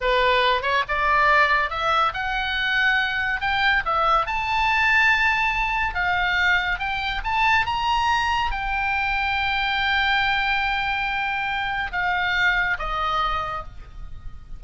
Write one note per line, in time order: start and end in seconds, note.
0.01 0.62 B4
0.62 0.83 C#5
0.88 1.70 D5
1.70 2.12 E5
2.13 3.40 F#5
3.40 3.83 G5
3.85 4.26 E5
4.26 5.94 A5
5.94 6.79 F5
6.79 7.21 G5
7.24 7.66 A5
7.66 8.51 A#5
8.51 11.91 G5
11.91 12.77 F5
12.78 13.63 D#5